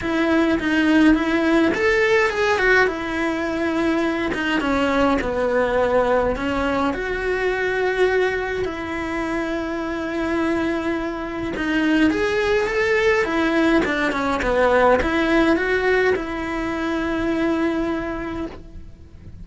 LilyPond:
\new Staff \with { instrumentName = "cello" } { \time 4/4 \tempo 4 = 104 e'4 dis'4 e'4 a'4 | gis'8 fis'8 e'2~ e'8 dis'8 | cis'4 b2 cis'4 | fis'2. e'4~ |
e'1 | dis'4 gis'4 a'4 e'4 | d'8 cis'8 b4 e'4 fis'4 | e'1 | }